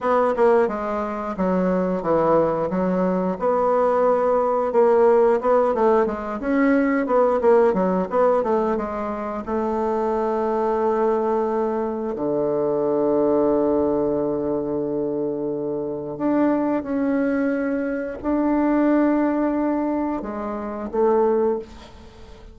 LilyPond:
\new Staff \with { instrumentName = "bassoon" } { \time 4/4 \tempo 4 = 89 b8 ais8 gis4 fis4 e4 | fis4 b2 ais4 | b8 a8 gis8 cis'4 b8 ais8 fis8 | b8 a8 gis4 a2~ |
a2 d2~ | d1 | d'4 cis'2 d'4~ | d'2 gis4 a4 | }